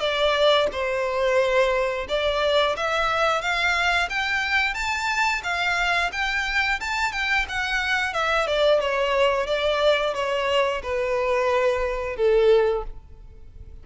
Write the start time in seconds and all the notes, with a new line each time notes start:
0.00 D5
0.72 C5
2.08 D5
2.76 E5
3.41 F5
4.09 G5
4.74 A5
5.43 F5
6.12 G5
6.80 A5
7.12 G5
7.49 F#5
8.13 E5
8.47 D5
8.80 C#5
9.47 D5
10.14 C#5
10.82 B4
12.16 A4